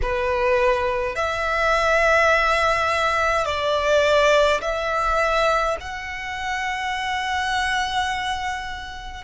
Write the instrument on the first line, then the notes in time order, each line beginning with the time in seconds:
violin
0.02 B4
1.15 E5
3.45 D5
4.61 E5
5.80 F#5